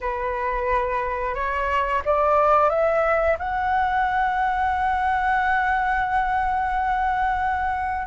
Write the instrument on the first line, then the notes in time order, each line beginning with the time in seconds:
flute
0.01 B4
1.34 C#5
2.05 D5
2.69 E5
3.38 F#5